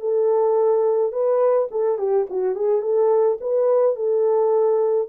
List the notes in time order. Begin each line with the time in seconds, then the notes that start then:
0.00 A4
1.12 B4
1.71 A4
1.98 G4
2.30 F#4
2.56 G#4
2.82 A4
3.41 B4
3.96 A4